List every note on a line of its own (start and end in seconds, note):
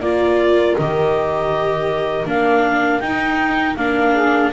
0.00 0.75 A#3
0.00 0.78 F4
0.00 4.13 A#4
0.00 0.76 D5
0.76 2.25 D#3
0.76 2.26 G4
0.76 2.26 D#5
2.25 3.00 A#3
2.25 3.01 D4
2.25 3.00 F5
3.00 3.75 D#4
3.00 3.77 D#4
3.00 3.75 G5
3.76 4.51 A#3
3.76 4.52 D4
3.76 4.51 F5
4.13 4.50 G#4